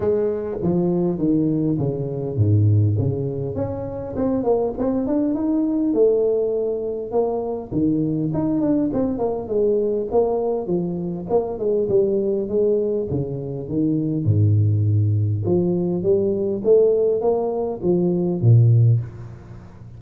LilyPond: \new Staff \with { instrumentName = "tuba" } { \time 4/4 \tempo 4 = 101 gis4 f4 dis4 cis4 | gis,4 cis4 cis'4 c'8 ais8 | c'8 d'8 dis'4 a2 | ais4 dis4 dis'8 d'8 c'8 ais8 |
gis4 ais4 f4 ais8 gis8 | g4 gis4 cis4 dis4 | gis,2 f4 g4 | a4 ais4 f4 ais,4 | }